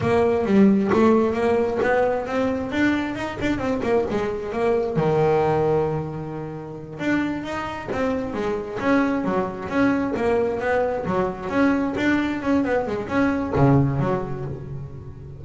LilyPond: \new Staff \with { instrumentName = "double bass" } { \time 4/4 \tempo 4 = 133 ais4 g4 a4 ais4 | b4 c'4 d'4 dis'8 d'8 | c'8 ais8 gis4 ais4 dis4~ | dis2.~ dis8 d'8~ |
d'8 dis'4 c'4 gis4 cis'8~ | cis'8 fis4 cis'4 ais4 b8~ | b8 fis4 cis'4 d'4 cis'8 | b8 gis8 cis'4 cis4 fis4 | }